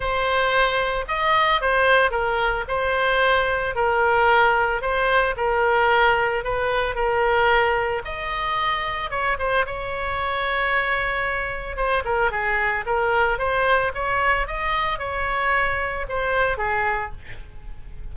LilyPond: \new Staff \with { instrumentName = "oboe" } { \time 4/4 \tempo 4 = 112 c''2 dis''4 c''4 | ais'4 c''2 ais'4~ | ais'4 c''4 ais'2 | b'4 ais'2 dis''4~ |
dis''4 cis''8 c''8 cis''2~ | cis''2 c''8 ais'8 gis'4 | ais'4 c''4 cis''4 dis''4 | cis''2 c''4 gis'4 | }